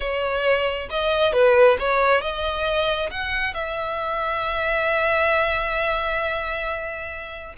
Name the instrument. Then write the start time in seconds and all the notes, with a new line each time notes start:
violin
0.00 C#5
0.90 D#5
1.32 B4
1.79 C#5
2.21 D#5
3.10 F#5
3.54 E5